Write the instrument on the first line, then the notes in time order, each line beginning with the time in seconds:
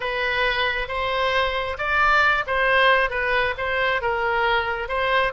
oboe
0.00 B4
0.88 C5
1.78 D5
2.46 C5
3.09 B4
3.57 C5
4.01 A#4
4.88 C5